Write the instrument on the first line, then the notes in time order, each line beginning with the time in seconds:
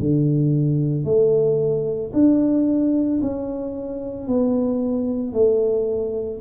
tuba
0.00 D3
1.05 A3
2.14 D4
3.22 C#4
4.28 B3
5.33 A3